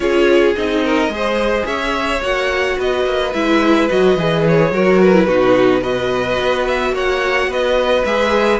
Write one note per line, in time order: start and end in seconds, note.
0.00 0.55 C#4
0.00 0.55 F4
0.00 0.84 G#4
0.00 0.55 C#5
0.55 1.07 C4
0.55 1.09 D#4
0.55 1.66 D#5
0.84 1.12 A#4
1.07 1.63 G#3
1.07 2.20 G#4
1.15 1.66 C5
1.65 2.21 C#4
1.65 2.77 C#5
1.65 2.21 E5
2.22 2.77 A#3
2.22 3.33 F#4
2.22 2.79 F#5
2.77 3.05 B3
2.77 4.71 B4
2.77 3.33 D#5
3.05 3.33 A#3
3.33 3.89 G#3
3.33 3.89 E4
3.33 3.88 E5
3.89 4.16 F#3
3.89 4.17 F#4
3.89 4.45 D#5
4.16 4.71 E3
4.16 4.73 G#4
4.47 5.02 C#5
4.71 5.27 F#3
4.71 5.14 F#4
4.71 5.26 A#4
5.02 5.83 B4
5.14 5.28 E4
5.26 6.38 B2
5.26 5.82 D#4
5.26 5.80 F#4
5.80 8.04 F#4
5.80 6.91 B4
5.80 6.66 D#5
6.39 6.91 B3
6.66 6.94 E5
6.91 7.47 A#3
6.91 7.49 C#5
6.91 7.52 F#5
7.47 8.02 B3
7.47 8.59 B4
7.47 8.04 D#5
8.04 8.59 G#3
8.04 8.59 G#4
8.04 8.59 E5